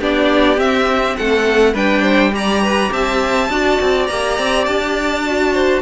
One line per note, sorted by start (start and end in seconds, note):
0.00 0.58 B3
0.00 0.57 D4
0.00 1.17 G4
0.00 0.60 D5
0.57 1.73 C4
0.57 1.16 C4
0.57 1.17 E5
1.17 1.74 A3
1.17 1.74 A4
1.17 1.75 F#5
1.74 2.91 G3
1.74 2.33 D4
1.74 2.03 B4
1.74 2.35 G5
2.03 2.32 C5
2.34 3.50 G4
2.34 2.63 D5
2.34 2.93 A#5
2.63 2.92 B4
2.92 3.50 C4
2.92 3.51 E5
2.92 4.07 A5
3.50 3.79 D4
3.50 4.09 F#4
3.50 5.53 D5
3.81 4.10 C4
4.07 4.39 A#3
4.07 5.27 G4
4.07 4.65 A#5
4.39 4.68 C4
4.66 5.82 D4
4.66 5.82 A5
5.27 5.82 F#4
5.53 5.82 C5